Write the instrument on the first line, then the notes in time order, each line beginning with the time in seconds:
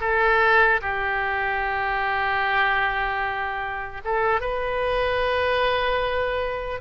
oboe
0.00 A4
0.81 G4
4.04 A4
4.40 B4